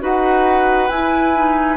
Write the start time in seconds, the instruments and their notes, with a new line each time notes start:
0.00 bassoon D#4, clarinet F#4, oboe B4, flute F#5
0.89 bassoon E4, clarinet E4, flute G#5
1.35 clarinet D#4